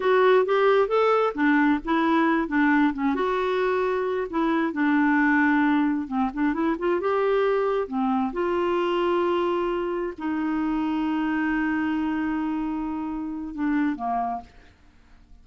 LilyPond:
\new Staff \with { instrumentName = "clarinet" } { \time 4/4 \tempo 4 = 133 fis'4 g'4 a'4 d'4 | e'4. d'4 cis'8 fis'4~ | fis'4. e'4 d'4.~ | d'4. c'8 d'8 e'8 f'8 g'8~ |
g'4. c'4 f'4.~ | f'2~ f'8 dis'4.~ | dis'1~ | dis'2 d'4 ais4 | }